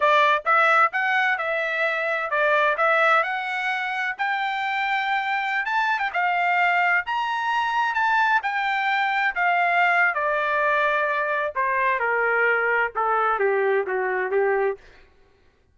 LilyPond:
\new Staff \with { instrumentName = "trumpet" } { \time 4/4 \tempo 4 = 130 d''4 e''4 fis''4 e''4~ | e''4 d''4 e''4 fis''4~ | fis''4 g''2.~ | g''16 a''8. g''16 f''2 ais''8.~ |
ais''4~ ais''16 a''4 g''4.~ g''16~ | g''16 f''4.~ f''16 d''2~ | d''4 c''4 ais'2 | a'4 g'4 fis'4 g'4 | }